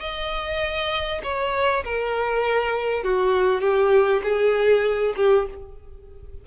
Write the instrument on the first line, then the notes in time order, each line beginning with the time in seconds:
violin
0.00 D#5
1.23 C#5
1.85 A#4
3.03 F#4
3.61 G4
4.23 G#4
5.16 G4